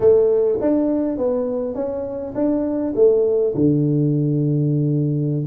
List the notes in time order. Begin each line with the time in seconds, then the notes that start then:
0.00 A3
0.60 D4
1.17 B3
1.74 C#4
2.34 D4
2.95 A3
3.54 D3